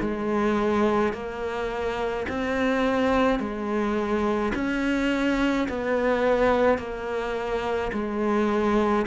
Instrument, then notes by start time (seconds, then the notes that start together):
cello
0.00 G#3
1.13 A#3
2.28 C4
3.40 G#3
4.54 C#4
5.69 B3
6.78 A#3
7.92 G#3